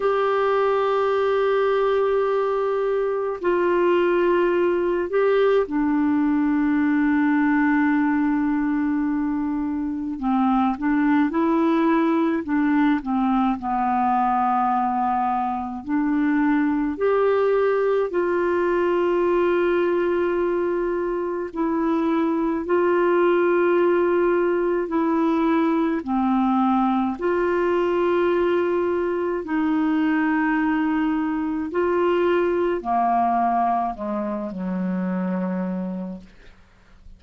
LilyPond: \new Staff \with { instrumentName = "clarinet" } { \time 4/4 \tempo 4 = 53 g'2. f'4~ | f'8 g'8 d'2.~ | d'4 c'8 d'8 e'4 d'8 c'8 | b2 d'4 g'4 |
f'2. e'4 | f'2 e'4 c'4 | f'2 dis'2 | f'4 ais4 gis8 fis4. | }